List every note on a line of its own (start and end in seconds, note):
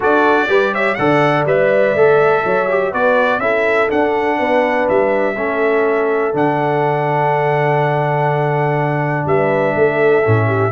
0.00 0.48 D4
0.00 0.48 F#4
0.00 0.48 A4
0.00 0.74 D5
0.48 0.97 G3
0.48 0.97 G4
0.48 0.73 B4
0.73 0.97 C#5
0.73 0.95 E5
0.95 1.45 D3
0.95 1.47 A4
0.95 2.44 D5
0.95 1.43 F#5
1.45 1.94 G3
1.45 1.95 B4
1.45 2.93 E5
1.94 2.43 A3
1.94 2.69 A4
2.44 2.93 F#3
2.44 2.91 C#5
2.69 2.93 G4
2.91 3.38 B3
2.91 3.40 F#4
2.91 3.40 B4
2.91 3.39 D5
3.38 3.87 C#4
3.38 3.89 E4
3.38 4.38 A4
3.38 3.88 E5
3.89 5.35 D4
3.89 4.39 D4
3.89 4.88 F#5
4.38 4.88 B3
4.38 5.35 B4
4.88 5.36 G3
4.88 6.35 E5
5.35 6.33 A3
5.35 6.33 C#4
5.35 9.25 A4
6.33 9.25 D3
6.33 10.23 D4
6.33 9.27 F#5
9.25 9.74 G3
9.25 9.76 B4
9.25 10.71 E5
9.74 10.23 A3
9.74 10.47 A4
10.24 10.71 A2
10.24 10.71 C#4
10.47 10.71 G4